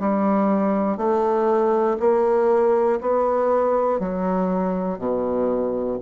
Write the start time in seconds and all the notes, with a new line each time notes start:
0.00 G3
0.97 A3
2.00 A#3
3.01 B3
4.00 F#3
4.99 B2